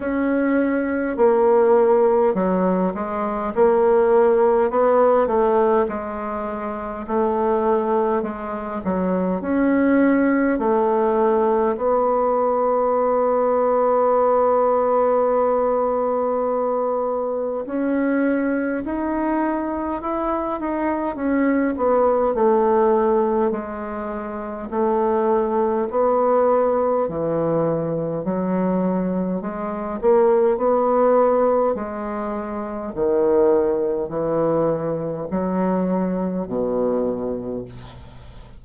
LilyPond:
\new Staff \with { instrumentName = "bassoon" } { \time 4/4 \tempo 4 = 51 cis'4 ais4 fis8 gis8 ais4 | b8 a8 gis4 a4 gis8 fis8 | cis'4 a4 b2~ | b2. cis'4 |
dis'4 e'8 dis'8 cis'8 b8 a4 | gis4 a4 b4 e4 | fis4 gis8 ais8 b4 gis4 | dis4 e4 fis4 b,4 | }